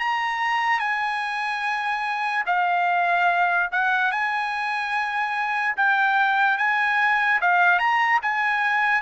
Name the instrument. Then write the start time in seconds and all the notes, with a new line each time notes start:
trumpet
0.00 A#5
0.80 G#5
2.47 F5
3.72 F#5
4.11 G#5
5.77 G5
6.58 G#5
7.42 F5
7.79 A#5
8.23 G#5